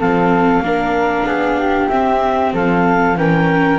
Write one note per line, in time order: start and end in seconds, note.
0.00 0.60 F3
0.00 0.63 C4
0.00 0.63 A4
0.00 1.89 F5
0.60 1.24 A#3
0.60 1.90 D4
0.60 1.27 A#4
1.24 1.87 B3
1.24 1.58 G#4
1.59 2.54 G4
1.89 3.16 C4
1.89 2.53 C4
1.89 2.52 E5
2.53 3.16 F3
2.53 3.17 A4
2.53 3.17 F5
3.16 3.79 E3
3.16 3.79 C#4
3.16 3.79 A#4
3.16 3.79 G5